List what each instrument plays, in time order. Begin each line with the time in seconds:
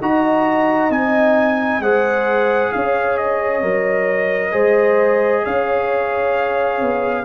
0.00 tuba D#4, trombone F#4, horn D#5, trumpet A#5
0.90 tuba C4, trombone D#4, trumpet G#5
1.80 tuba G#3, trombone G#4, horn C5, trumpet F#5
2.73 tuba C#4, horn C#5, trumpet F5
3.18 trumpet D#5
3.62 tuba F#3, trombone A#4
4.52 tuba G#3, trombone G#4, horn C5
5.44 tuba C#4, horn C#5, trumpet F5
6.82 tuba B3